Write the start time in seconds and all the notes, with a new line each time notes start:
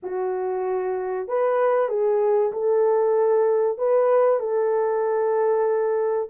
0.03 F#4
1.28 B4
1.88 G#4
2.52 A4
3.78 B4
4.39 A4